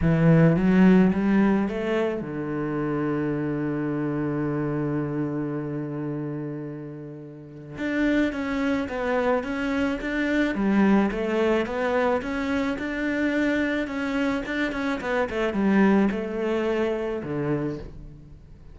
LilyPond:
\new Staff \with { instrumentName = "cello" } { \time 4/4 \tempo 4 = 108 e4 fis4 g4 a4 | d1~ | d1~ | d2 d'4 cis'4 |
b4 cis'4 d'4 g4 | a4 b4 cis'4 d'4~ | d'4 cis'4 d'8 cis'8 b8 a8 | g4 a2 d4 | }